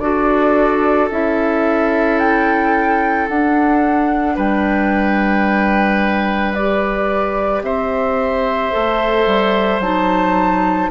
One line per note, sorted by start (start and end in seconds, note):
0.00 1.09 D4
0.00 1.11 F#4
0.00 4.36 A4
0.00 1.09 D5
1.11 3.29 C#4
1.11 3.29 E4
1.11 2.19 E5
2.19 3.28 G5
3.29 4.37 D4
3.29 6.56 D4
3.29 4.38 F#5
4.36 7.62 G3
4.36 7.63 B4
4.36 6.54 G5
6.54 8.72 G4
6.54 7.63 D5
7.62 8.72 C4
7.62 10.91 C5
7.62 9.82 E5
8.72 9.26 A3
8.72 9.82 A4
9.26 9.80 G3
9.80 10.89 F#3
9.80 10.91 D#4
9.80 10.91 A5